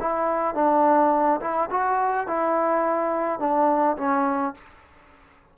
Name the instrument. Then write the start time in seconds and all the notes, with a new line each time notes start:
trombone
0.00 E4
0.54 D4
1.41 E4
1.70 F#4
2.26 E4
3.39 D4
3.97 C#4